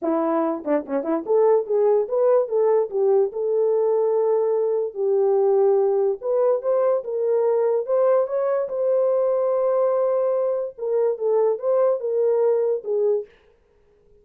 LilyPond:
\new Staff \with { instrumentName = "horn" } { \time 4/4 \tempo 4 = 145 e'4. d'8 cis'8 e'8 a'4 | gis'4 b'4 a'4 g'4 | a'1 | g'2. b'4 |
c''4 ais'2 c''4 | cis''4 c''2.~ | c''2 ais'4 a'4 | c''4 ais'2 gis'4 | }